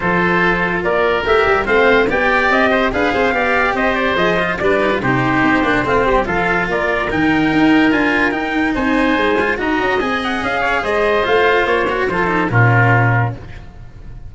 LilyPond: <<
  \new Staff \with { instrumentName = "trumpet" } { \time 4/4 \tempo 4 = 144 c''2 d''4 e''4 | f''4 g''4 dis''4 f''4~ | f''4 dis''8 d''8 dis''4 d''4 | c''2. f''4 |
d''4 g''2 gis''4 | g''4 gis''2 ais''4 | gis''8 fis''8 f''4 dis''4 f''4 | cis''4 c''4 ais'2 | }
  \new Staff \with { instrumentName = "oboe" } { \time 4/4 a'2 ais'2 | c''4 d''4. c''8 b'8 c''8 | d''4 c''2 b'4 | g'2 f'8 g'8 a'4 |
ais'1~ | ais'4 c''2 dis''4~ | dis''4. cis''8 c''2~ | c''4 a'4 f'2 | }
  \new Staff \with { instrumentName = "cello" } { \time 4/4 f'2. g'4 | c'4 g'2 gis'4 | g'2 gis'8 f'8 d'8 dis'16 f'16 | dis'4. d'8 c'4 f'4~ |
f'4 dis'2 f'4 | dis'2~ dis'8 f'8 fis'4 | gis'2. f'4~ | f'8 fis'8 f'8 dis'8 cis'2 | }
  \new Staff \with { instrumentName = "tuba" } { \time 4/4 f2 ais4 a8 g8 | a4 b4 c'4 d'8 c'8 | b4 c'4 f4 g4 | c4 c'8 ais8 a8 g8 f4 |
ais4 dis4 dis'4 d'4 | dis'4 c'4 gis4 dis'8 cis'8 | c'4 cis'4 gis4 a4 | ais4 f4 ais,2 | }
>>